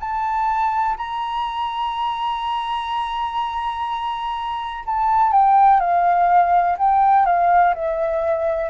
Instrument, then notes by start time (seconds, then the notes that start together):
flute
0.00 A5
0.97 A#5
4.86 A5
5.32 G5
5.80 F5
6.78 G5
7.25 F5
7.74 E5